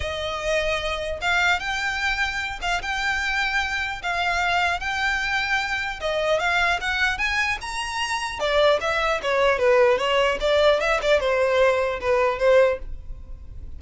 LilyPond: \new Staff \with { instrumentName = "violin" } { \time 4/4 \tempo 4 = 150 dis''2. f''4 | g''2~ g''8 f''8 g''4~ | g''2 f''2 | g''2. dis''4 |
f''4 fis''4 gis''4 ais''4~ | ais''4 d''4 e''4 cis''4 | b'4 cis''4 d''4 e''8 d''8 | c''2 b'4 c''4 | }